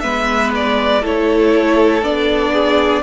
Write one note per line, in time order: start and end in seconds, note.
0.00 1.04 G#3
0.00 1.02 B3
0.00 1.01 B4
0.00 0.50 E5
0.55 1.05 D5
1.01 2.02 A3
1.01 2.03 E4
1.01 2.51 A4
1.01 2.03 C#5
2.02 3.02 B3
2.02 3.02 D4
2.02 3.02 D5
2.52 3.02 G#4